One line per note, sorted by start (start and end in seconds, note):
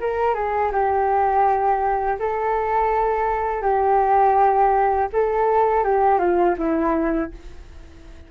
0.00 0.34 A#4
0.34 0.71 G#4
0.72 2.18 G4
2.19 3.62 A4
3.62 5.08 G4
5.13 5.84 A4
5.84 6.19 G4
6.19 6.55 F4
6.58 7.31 E4